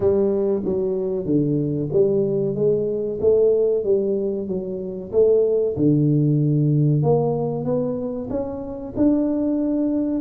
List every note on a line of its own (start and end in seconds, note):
0.00 0.62 G3
0.64 1.25 F#3
1.25 1.89 D3
1.92 2.55 G3
2.55 3.19 G#3
3.20 3.84 A3
3.84 4.47 G3
4.47 5.11 F#3
5.12 5.75 A3
5.76 7.02 D3
7.02 7.64 A#3
7.64 8.28 B3
8.29 8.93 C#4
8.96 10.20 D4